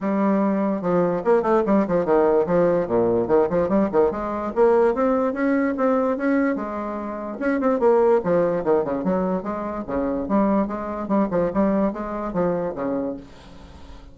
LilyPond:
\new Staff \with { instrumentName = "bassoon" } { \time 4/4 \tempo 4 = 146 g2 f4 ais8 a8 | g8 f8 dis4 f4 ais,4 | dis8 f8 g8 dis8 gis4 ais4 | c'4 cis'4 c'4 cis'4 |
gis2 cis'8 c'8 ais4 | f4 dis8 cis8 fis4 gis4 | cis4 g4 gis4 g8 f8 | g4 gis4 f4 cis4 | }